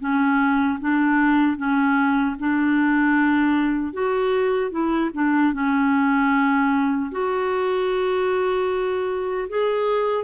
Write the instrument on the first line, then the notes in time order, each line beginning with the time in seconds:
clarinet
0.00 C#4
0.80 D4
1.57 C#4
2.39 D4
3.93 F#4
4.71 E4
5.14 D4
5.53 C#4
7.12 F#4
9.49 G#4